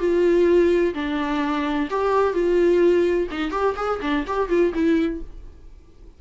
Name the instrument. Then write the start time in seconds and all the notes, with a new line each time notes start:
viola
0.00 F4
0.95 D4
1.91 G4
2.34 F4
3.31 D#4
3.52 G4
3.77 G#4
4.02 D4
4.28 G4
4.49 F4
4.74 E4